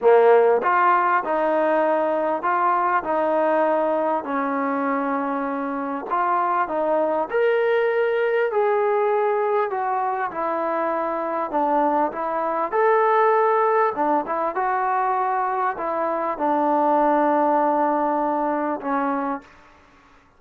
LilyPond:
\new Staff \with { instrumentName = "trombone" } { \time 4/4 \tempo 4 = 99 ais4 f'4 dis'2 | f'4 dis'2 cis'4~ | cis'2 f'4 dis'4 | ais'2 gis'2 |
fis'4 e'2 d'4 | e'4 a'2 d'8 e'8 | fis'2 e'4 d'4~ | d'2. cis'4 | }